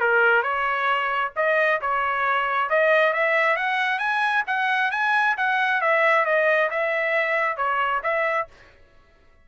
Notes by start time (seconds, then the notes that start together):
0.00 A#4
0.43 C#5
1.36 D#5
1.81 C#5
2.70 D#5
3.13 E5
3.56 F#5
3.99 G#5
4.47 F#5
4.91 G#5
5.37 F#5
5.81 E5
6.25 D#5
6.70 E5
7.57 C#5
8.03 E5